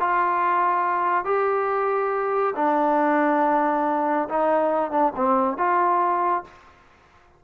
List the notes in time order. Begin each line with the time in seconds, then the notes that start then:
0.00 F4
1.25 G4
2.56 D4
4.29 D#4
4.92 D4
5.16 C4
5.58 F4